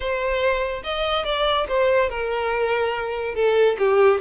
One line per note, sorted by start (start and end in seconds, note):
0.00 0.82 C5
0.83 1.25 D#5
1.25 1.66 D5
1.68 2.09 C5
2.09 3.34 A#4
3.34 3.76 A4
3.78 4.20 G4